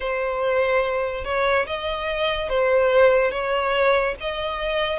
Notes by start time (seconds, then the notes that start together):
0.00 C5
1.24 C#5
1.67 D#5
2.49 C5
3.31 C#5
4.20 D#5